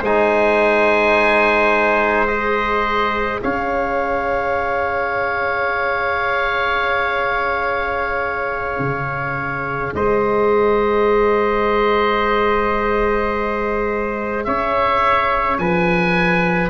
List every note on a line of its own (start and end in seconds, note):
0.00 3.41 G#3
0.00 2.28 D#4
0.00 3.40 C5
0.00 2.27 G#5
2.27 16.70 G#4
2.27 3.41 D#5
3.43 8.79 C#4
3.43 9.94 C#5
3.43 9.94 F5
8.79 9.93 C#3
9.95 14.47 G#3
9.95 14.47 C5
9.95 14.44 D#5
14.44 15.58 C#4
14.44 15.61 C#5
14.44 15.58 E5
15.58 16.70 F3
15.58 16.70 B4
15.58 16.70 G#5